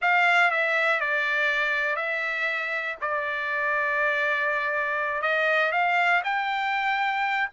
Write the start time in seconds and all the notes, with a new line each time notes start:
0.01 F5
0.50 E5
1.00 D5
1.96 E5
3.01 D5
5.22 D#5
5.71 F5
6.24 G5